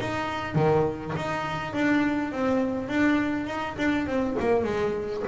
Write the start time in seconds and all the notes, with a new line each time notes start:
0.00 D#4
0.54 D#3
1.16 D#4
1.73 D4
2.32 C4
2.88 D4
3.46 D#4
3.78 D4
4.06 C4
4.39 A#3
4.64 G#3